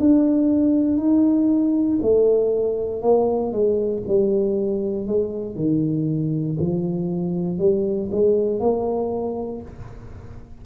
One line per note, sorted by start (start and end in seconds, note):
0.00 0.98 D4
0.98 1.99 D#4
2.02 3.02 A3
3.02 3.52 A#3
3.52 4.03 G#3
4.08 5.07 G3
5.07 5.56 G#3
5.56 6.57 D#3
6.60 7.59 F3
7.59 8.10 G3
8.12 8.60 G#3
8.60 9.61 A#3